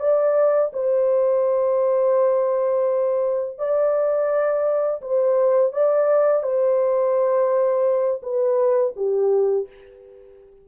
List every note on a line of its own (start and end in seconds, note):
0.00 0.71 D5
0.73 3.58 C5
3.58 5.01 D5
5.01 5.73 C5
5.73 6.43 D5
6.43 8.22 C5
8.23 8.94 B4
8.96 9.68 G4